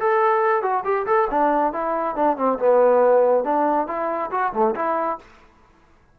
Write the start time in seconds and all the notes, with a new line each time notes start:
0.00 A4
0.63 F#4
0.85 G4
1.07 A4
1.31 D4
1.73 E4
2.16 D4
2.37 C4
2.59 B3
3.44 D4
3.88 E4
4.32 F#4
4.53 A3
4.75 E4